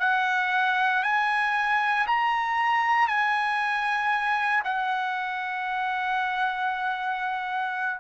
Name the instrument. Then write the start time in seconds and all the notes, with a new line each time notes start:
trumpet
0.00 F#5
1.03 G#5
2.07 A#5
3.08 G#5
4.65 F#5